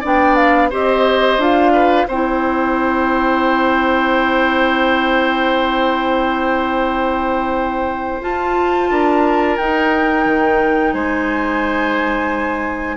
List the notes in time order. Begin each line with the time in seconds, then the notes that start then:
0.00 B3 D4 D5
0.06 G5
0.35 F5
0.70 C4 G4 C5 D#5
1.37 D4 F4 F5
1.73 B4
2.08 C4 E4 C5 G5
8.21 F4 A5
8.90 D4 A#4
9.57 D#4 G5
10.25 D#3
10.93 G#3 C5 G#5